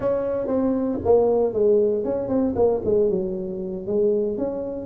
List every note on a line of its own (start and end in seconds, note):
0.00 0.47 C#4
0.47 0.98 C4
1.04 1.53 A#3
1.53 2.04 G#3
2.04 2.28 C#4
2.28 2.54 C4
2.55 2.81 A#3
2.85 3.09 G#3
3.09 3.86 F#3
3.86 4.37 G#3
4.37 4.86 C#4